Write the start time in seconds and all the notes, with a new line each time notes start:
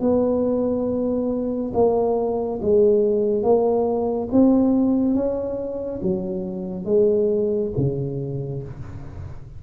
0.00 B3
1.74 A#3
2.61 G#3
3.42 A#3
4.32 C4
5.14 C#4
6.02 F#3
6.85 G#3
7.77 C#3